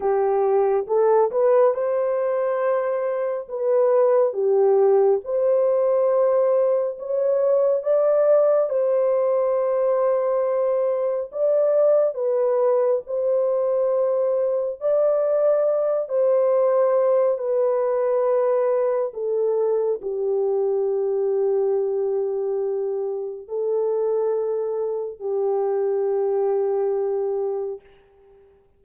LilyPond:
\new Staff \with { instrumentName = "horn" } { \time 4/4 \tempo 4 = 69 g'4 a'8 b'8 c''2 | b'4 g'4 c''2 | cis''4 d''4 c''2~ | c''4 d''4 b'4 c''4~ |
c''4 d''4. c''4. | b'2 a'4 g'4~ | g'2. a'4~ | a'4 g'2. | }